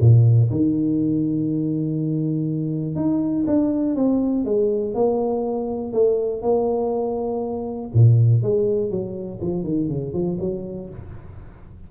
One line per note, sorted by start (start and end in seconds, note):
0.00 0.50 A#2
0.50 2.95 D#3
2.95 3.45 D#4
3.46 3.96 D4
3.96 4.45 C4
4.45 4.94 G#3
4.94 5.93 A#3
5.93 6.42 A3
6.42 7.90 A#3
7.93 8.42 A#2
8.42 8.90 G#3
8.90 9.39 F#3
9.41 9.64 F3
9.64 9.88 D#3
9.88 10.13 C#3
10.13 10.38 F3
10.40 10.89 F#3